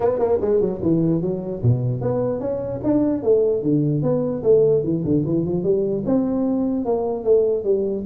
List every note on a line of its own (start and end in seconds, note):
0.00 0.18 B3
0.18 0.38 A#3
0.41 0.60 G#3
0.60 0.81 F#3
0.82 1.21 E3
1.21 1.61 F#3
1.62 2.01 B2
2.01 2.40 B3
2.40 2.80 C#4
2.83 3.22 D4
3.22 3.62 A3
3.62 4.02 D3
4.02 4.42 B3
4.43 4.83 A3
4.83 5.03 E3
5.04 5.24 D3
5.25 5.44 E3
5.44 5.63 F3
5.63 6.03 G3
6.05 6.85 C4
6.85 7.24 A#3
7.24 7.64 A3
7.64 8.04 G3